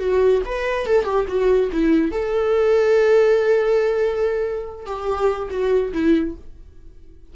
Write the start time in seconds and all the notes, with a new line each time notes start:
0.00 F#4
0.46 B4
0.87 A4
1.05 G4
1.28 F#4
1.72 E4
2.12 A4
4.86 G4
5.51 F#4
5.94 E4